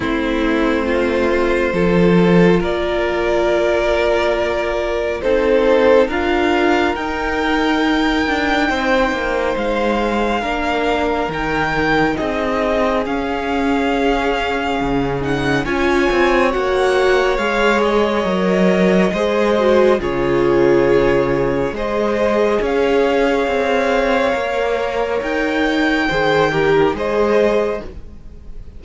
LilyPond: <<
  \new Staff \with { instrumentName = "violin" } { \time 4/4 \tempo 4 = 69 c''2. d''4~ | d''2 c''4 f''4 | g''2. f''4~ | f''4 g''4 dis''4 f''4~ |
f''4. fis''8 gis''4 fis''4 | f''8 dis''2~ dis''8 cis''4~ | cis''4 dis''4 f''2~ | f''4 g''2 dis''4 | }
  \new Staff \with { instrumentName = "violin" } { \time 4/4 e'4 f'4 a'4 ais'4~ | ais'2 a'4 ais'4~ | ais'2 c''2 | ais'2 gis'2~ |
gis'2 cis''2~ | cis''2 c''4 gis'4~ | gis'4 c''4 cis''2~ | cis''2 c''8 ais'8 c''4 | }
  \new Staff \with { instrumentName = "viola" } { \time 4/4 c'2 f'2~ | f'2 dis'4 f'4 | dis'1 | d'4 dis'2 cis'4~ |
cis'4. dis'8 f'4 fis'4 | gis'4 ais'4 gis'8 fis'8 f'4~ | f'4 gis'2. | ais'2 gis'8 g'8 gis'4 | }
  \new Staff \with { instrumentName = "cello" } { \time 4/4 a2 f4 ais4~ | ais2 c'4 d'4 | dis'4. d'8 c'8 ais8 gis4 | ais4 dis4 c'4 cis'4~ |
cis'4 cis4 cis'8 c'8 ais4 | gis4 fis4 gis4 cis4~ | cis4 gis4 cis'4 c'4 | ais4 dis'4 dis4 gis4 | }
>>